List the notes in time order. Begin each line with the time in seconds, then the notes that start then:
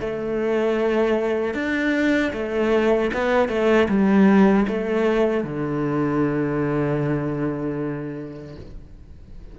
0.00 A3
1.54 D4
2.33 A3
3.13 B3
3.49 A3
3.89 G3
4.68 A3
5.44 D3